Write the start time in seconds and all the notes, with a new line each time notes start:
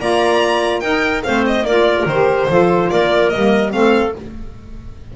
0.00 A#3 F4 D5 A#5
0.80 D#4 A#4 G5
1.23 A3 C4 C5 F5
1.46 D#5
1.62 A#3 F4 A#4 D5
2.05 D#3 G4 C5
2.49 F3 F4 A4
2.90 A#3 A#4 D5
3.29 A#3 D#5
3.35 G3
3.72 A3 C4 A4 F5